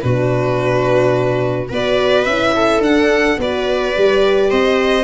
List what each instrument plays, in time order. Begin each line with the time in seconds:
0.00 tuba B2, horn D4, viola F#4, violin B4
1.68 tuba B3, horn F#4, viola B4, violin D5
2.24 tuba C#4, horn E4, violin E5
2.55 viola A4
2.79 tuba D4, horn D4, violin F#5
3.37 tuba B3, horn F#4, viola B4, violin D5
3.95 tuba G3, horn G4
4.50 tuba C4, viola C5, violin D#5